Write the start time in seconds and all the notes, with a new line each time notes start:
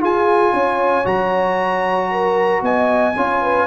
0.00 F4 G#4 G#5
0.53 C#4 C#5
1.05 F#3 F#4 A#5
2.11 A#4
2.62 B3 D#5 G#5
3.16 C#4 F4 C#5
3.42 B4